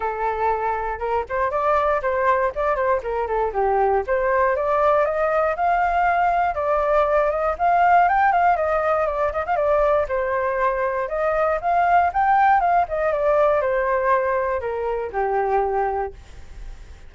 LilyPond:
\new Staff \with { instrumentName = "flute" } { \time 4/4 \tempo 4 = 119 a'2 ais'8 c''8 d''4 | c''4 d''8 c''8 ais'8 a'8 g'4 | c''4 d''4 dis''4 f''4~ | f''4 d''4. dis''8 f''4 |
g''8 f''8 dis''4 d''8 dis''16 f''16 d''4 | c''2 dis''4 f''4 | g''4 f''8 dis''8 d''4 c''4~ | c''4 ais'4 g'2 | }